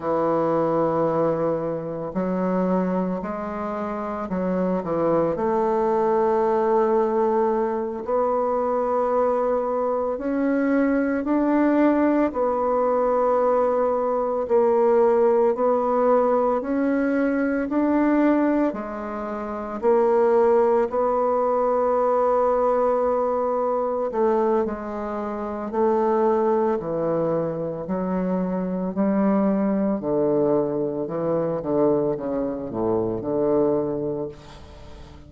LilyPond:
\new Staff \with { instrumentName = "bassoon" } { \time 4/4 \tempo 4 = 56 e2 fis4 gis4 | fis8 e8 a2~ a8 b8~ | b4. cis'4 d'4 b8~ | b4. ais4 b4 cis'8~ |
cis'8 d'4 gis4 ais4 b8~ | b2~ b8 a8 gis4 | a4 e4 fis4 g4 | d4 e8 d8 cis8 a,8 d4 | }